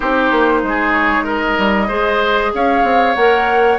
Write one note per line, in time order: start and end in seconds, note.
0.00 0.31 C4
0.00 1.89 D#4
0.00 0.61 G4
0.00 0.93 C5
0.31 0.62 A#3
0.62 1.57 G#3
0.62 1.24 G#4
0.93 1.24 C#5
1.24 1.87 A#4
1.24 2.53 D#5
1.58 1.89 G3
1.87 2.52 G#3
1.87 3.15 G#4
1.87 2.51 C5
2.54 2.83 C#4
2.54 3.79 C#5
2.54 3.14 F5
2.83 3.15 C4
3.14 3.79 A#3
3.14 3.79 A#4
3.14 3.78 F#5